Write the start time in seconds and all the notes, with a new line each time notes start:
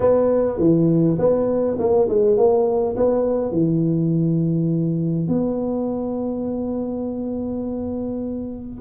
0.00 B3
0.59 E3
1.18 B3
1.78 A#3
2.08 G#3
2.37 A#3
2.96 B3
3.51 E3
5.28 B3